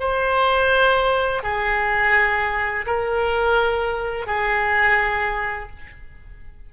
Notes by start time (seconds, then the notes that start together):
0.00 C5
1.43 G#4
2.86 A#4
4.26 G#4